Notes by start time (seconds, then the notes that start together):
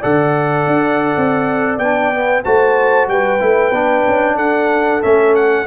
0.00 D3 A4 D5 F#5
0.67 D4
1.17 C4
1.78 B3 D4 G5
2.15 B3
2.44 A3 F#4 C5 A5
3.08 G3 B4 G5
3.39 A3 E4
3.72 B3 D4
4.07 C#4
4.35 D4 A4 F#5
5.02 A3 C#4 E5
5.35 F#5